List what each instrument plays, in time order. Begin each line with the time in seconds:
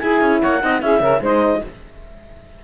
0.00 horn E4, cello E4, saxophone G#4, clarinet G#5
0.22 cello C#4
0.42 cello A#3, saxophone C#5, clarinet F#5
0.62 cello C4, horn D#4, saxophone D#5
0.82 cello C#4, horn E4, saxophone G#4, clarinet E5
1.01 cello C#3, horn C#4, saxophone A#4
1.21 cello G#3, horn D#4, saxophone C5, clarinet D#5